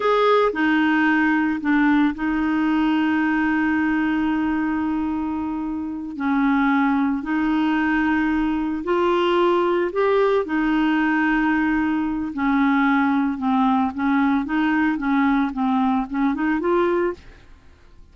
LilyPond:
\new Staff \with { instrumentName = "clarinet" } { \time 4/4 \tempo 4 = 112 gis'4 dis'2 d'4 | dis'1~ | dis'2.~ dis'8 cis'8~ | cis'4. dis'2~ dis'8~ |
dis'8 f'2 g'4 dis'8~ | dis'2. cis'4~ | cis'4 c'4 cis'4 dis'4 | cis'4 c'4 cis'8 dis'8 f'4 | }